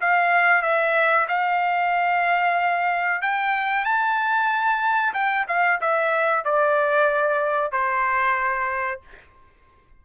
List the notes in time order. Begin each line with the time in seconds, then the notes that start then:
0.00 F5
0.62 E5
1.28 F5
3.21 G5
3.84 A5
5.13 G5
5.48 F5
5.81 E5
6.44 D5
7.71 C5